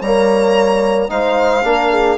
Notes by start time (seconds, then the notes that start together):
0.00 G3 A#3 C#5 A#5
1.09 G#3 D#4 C5 F5
1.63 A#3 D4 A#4
1.91 G#4